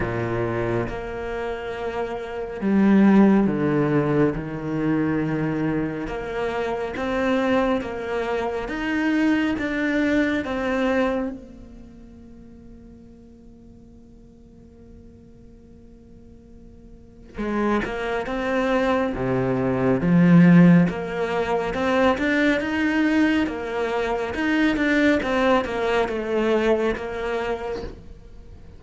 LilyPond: \new Staff \with { instrumentName = "cello" } { \time 4/4 \tempo 4 = 69 ais,4 ais2 g4 | d4 dis2 ais4 | c'4 ais4 dis'4 d'4 | c'4 ais2.~ |
ais1 | gis8 ais8 c'4 c4 f4 | ais4 c'8 d'8 dis'4 ais4 | dis'8 d'8 c'8 ais8 a4 ais4 | }